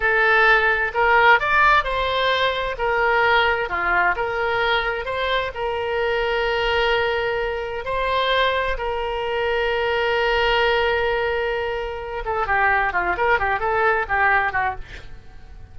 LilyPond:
\new Staff \with { instrumentName = "oboe" } { \time 4/4 \tempo 4 = 130 a'2 ais'4 d''4 | c''2 ais'2 | f'4 ais'2 c''4 | ais'1~ |
ais'4 c''2 ais'4~ | ais'1~ | ais'2~ ais'8 a'8 g'4 | f'8 ais'8 g'8 a'4 g'4 fis'8 | }